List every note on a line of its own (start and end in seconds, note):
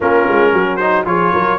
0.00 0.27 A#3
0.00 0.80 C#4
0.00 0.52 F4
0.00 0.76 A#4
0.27 0.52 G#3
0.52 1.05 F#3
0.52 1.07 F#4
0.76 1.05 D#4
0.76 1.03 C5
1.05 1.32 F3
1.05 1.58 F4
1.05 1.32 G#4
1.05 1.58 C#5
1.32 1.58 F#3
1.32 1.58 A#4